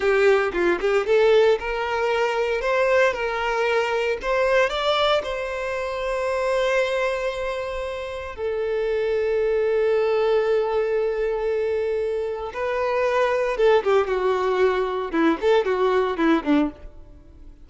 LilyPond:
\new Staff \with { instrumentName = "violin" } { \time 4/4 \tempo 4 = 115 g'4 f'8 g'8 a'4 ais'4~ | ais'4 c''4 ais'2 | c''4 d''4 c''2~ | c''1 |
a'1~ | a'1 | b'2 a'8 g'8 fis'4~ | fis'4 e'8 a'8 fis'4 e'8 d'8 | }